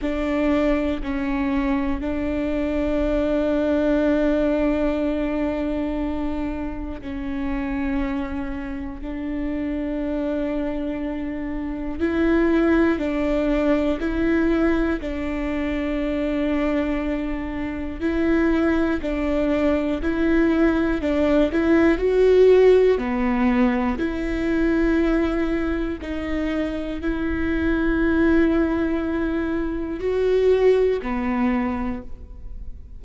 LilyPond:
\new Staff \with { instrumentName = "viola" } { \time 4/4 \tempo 4 = 60 d'4 cis'4 d'2~ | d'2. cis'4~ | cis'4 d'2. | e'4 d'4 e'4 d'4~ |
d'2 e'4 d'4 | e'4 d'8 e'8 fis'4 b4 | e'2 dis'4 e'4~ | e'2 fis'4 b4 | }